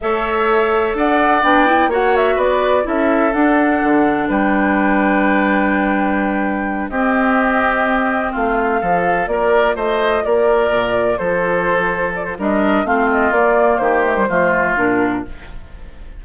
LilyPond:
<<
  \new Staff \with { instrumentName = "flute" } { \time 4/4 \tempo 4 = 126 e''2 fis''4 g''4 | fis''8 e''8 d''4 e''4 fis''4~ | fis''4 g''2.~ | g''2~ g''8 dis''4.~ |
dis''4. f''2 d''8~ | d''8 dis''4 d''2 c''8~ | c''4. d''16 c''16 dis''4 f''8 dis''8 | d''4 c''2 ais'4 | }
  \new Staff \with { instrumentName = "oboe" } { \time 4/4 cis''2 d''2 | cis''4 b'4 a'2~ | a'4 b'2.~ | b'2~ b'8 g'4.~ |
g'4. f'4 a'4 ais'8~ | ais'8 c''4 ais'2 a'8~ | a'2 ais'4 f'4~ | f'4 g'4 f'2 | }
  \new Staff \with { instrumentName = "clarinet" } { \time 4/4 a'2. d'8 e'8 | fis'2 e'4 d'4~ | d'1~ | d'2~ d'8 c'4.~ |
c'2~ c'8 f'4.~ | f'1~ | f'2 d'4 c'4 | ais4. a16 g16 a4 d'4 | }
  \new Staff \with { instrumentName = "bassoon" } { \time 4/4 a2 d'4 b4 | ais4 b4 cis'4 d'4 | d4 g2.~ | g2~ g8 c'4.~ |
c'4. a4 f4 ais8~ | ais8 a4 ais4 ais,4 f8~ | f2 g4 a4 | ais4 dis4 f4 ais,4 | }
>>